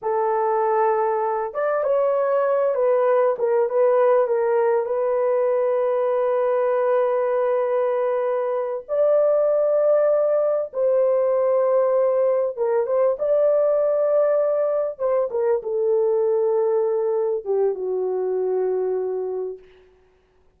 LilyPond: \new Staff \with { instrumentName = "horn" } { \time 4/4 \tempo 4 = 98 a'2~ a'8 d''8 cis''4~ | cis''8 b'4 ais'8 b'4 ais'4 | b'1~ | b'2~ b'8 d''4.~ |
d''4. c''2~ c''8~ | c''8 ais'8 c''8 d''2~ d''8~ | d''8 c''8 ais'8 a'2~ a'8~ | a'8 g'8 fis'2. | }